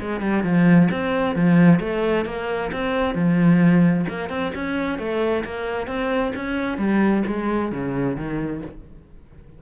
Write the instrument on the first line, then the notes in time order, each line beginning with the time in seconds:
cello
0.00 G#3
0.21 G3
0.43 F3
0.91 C4
1.35 F3
1.80 A3
2.25 A#3
2.72 C4
3.14 F3
4.09 A#3
4.29 C4
4.55 C#4
4.98 A3
5.44 A#3
5.87 C4
6.35 C#4
6.78 G3
7.26 G#3
7.72 C#3
8.16 D#3